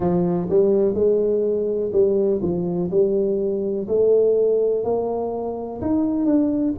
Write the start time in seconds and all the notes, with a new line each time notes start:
0.00 F3
0.49 G3
0.94 G#3
1.92 G3
2.42 F3
2.90 G3
3.88 A3
4.83 A#3
5.81 D#4
6.25 D4